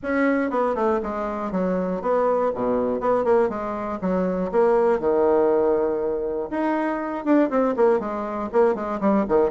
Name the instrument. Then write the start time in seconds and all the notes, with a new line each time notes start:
bassoon
0.02 C#4
0.50 B3
0.75 A3
1.02 G#3
1.51 F#3
2.01 B3
2.55 B2
3.00 B3
3.24 A#3
3.49 G#3
4.01 F#3
4.51 A#3
4.99 D#3
6.50 D#4
7.24 D4
7.50 C4
7.76 A#3
7.99 G#3
8.52 A#3
8.75 G#3
9.00 G3
9.28 D#3